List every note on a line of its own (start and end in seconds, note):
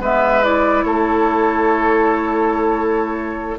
0.00 0.84 G#3
0.00 0.42 B3
0.00 0.85 B4
0.00 0.44 E5
0.42 3.58 E4
0.42 0.83 D5
0.83 3.58 A3
0.83 3.58 A4
0.83 3.58 C#5